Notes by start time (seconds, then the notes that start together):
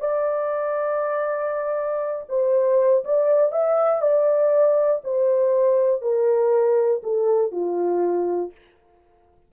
0.00 D5
2.29 C5
3.05 D5
3.52 E5
4.01 D5
5.04 C5
6.01 A#4
7.03 A4
7.51 F4